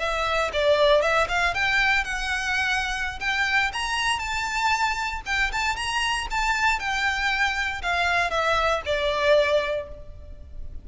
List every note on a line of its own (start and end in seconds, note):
0.00 0.51 E5
0.54 1.02 D5
1.02 1.28 E5
1.29 1.55 F5
1.55 2.05 G5
2.05 3.20 F#5
3.21 3.72 G5
3.74 4.20 A#5
4.20 5.22 A5
5.26 5.52 G5
5.53 5.77 A5
5.77 6.28 A#5
6.31 6.80 A5
6.80 7.83 G5
7.83 8.31 F5
8.31 8.83 E5
8.86 9.89 D5